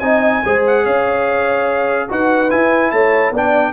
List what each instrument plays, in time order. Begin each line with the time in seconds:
0.00 tuba C4, trombone D#4, horn D#5, trumpet G#5
0.45 tuba G#3, trombone G#4, horn C5
0.67 trumpet F#5
0.84 tuba C#4, horn C#5, trumpet F5
2.09 tuba D#4, trombone F#4, horn B4, trumpet F#5
2.50 trombone E4, tuba E4, trumpet G#5
2.91 tuba A3, horn C#5, trumpet A5
3.31 tuba B3, trombone D4, horn D5, trumpet G5